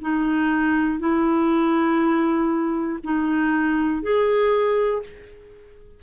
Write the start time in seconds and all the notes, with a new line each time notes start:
0.00 D#4
0.99 E4
3.03 D#4
4.02 G#4